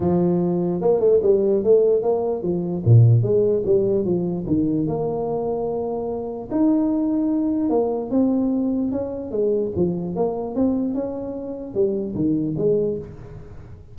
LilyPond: \new Staff \with { instrumentName = "tuba" } { \time 4/4 \tempo 4 = 148 f2 ais8 a8 g4 | a4 ais4 f4 ais,4 | gis4 g4 f4 dis4 | ais1 |
dis'2. ais4 | c'2 cis'4 gis4 | f4 ais4 c'4 cis'4~ | cis'4 g4 dis4 gis4 | }